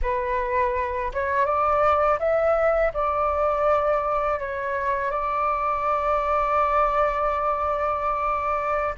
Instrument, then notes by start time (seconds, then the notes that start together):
flute
0.02 B4
1.13 C#5
1.45 D5
2.19 E5
2.93 D5
4.39 C#5
5.10 D5